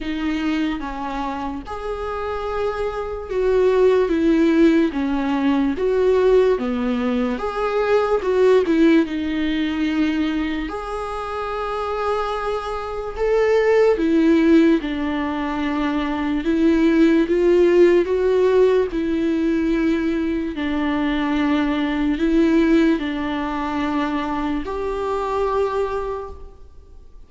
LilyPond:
\new Staff \with { instrumentName = "viola" } { \time 4/4 \tempo 4 = 73 dis'4 cis'4 gis'2 | fis'4 e'4 cis'4 fis'4 | b4 gis'4 fis'8 e'8 dis'4~ | dis'4 gis'2. |
a'4 e'4 d'2 | e'4 f'4 fis'4 e'4~ | e'4 d'2 e'4 | d'2 g'2 | }